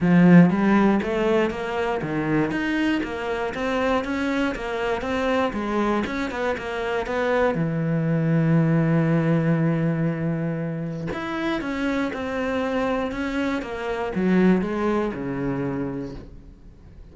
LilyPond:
\new Staff \with { instrumentName = "cello" } { \time 4/4 \tempo 4 = 119 f4 g4 a4 ais4 | dis4 dis'4 ais4 c'4 | cis'4 ais4 c'4 gis4 | cis'8 b8 ais4 b4 e4~ |
e1~ | e2 e'4 cis'4 | c'2 cis'4 ais4 | fis4 gis4 cis2 | }